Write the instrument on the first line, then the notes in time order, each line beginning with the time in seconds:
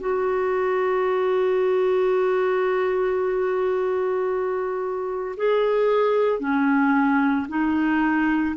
clarinet
0.00 F#4
5.36 G#4
6.39 C#4
7.48 D#4